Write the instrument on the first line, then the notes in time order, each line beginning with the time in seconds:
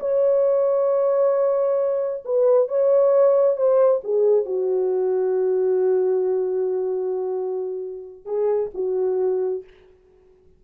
horn
0.00 C#5
2.25 B4
2.68 C#5
3.57 C5
4.04 G#4
4.46 F#4
8.25 G#4
8.74 F#4